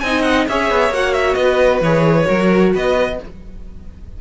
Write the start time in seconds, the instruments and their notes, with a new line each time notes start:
0.00 cello C4, viola D#4, violin D#5 G#5
0.22 violin F#5
0.48 cello C#4, viola G#4, violin C#5 E5
0.70 cello B3
0.90 cello A#3, viola F#4, violin F#5
1.13 violin E5
1.34 cello B3, violin B4 D#5
1.81 cello E3, viola G#4, violin C#5
2.24 cello F#3, viola F#4, violin A#4
2.74 cello B3, violin B4 D#5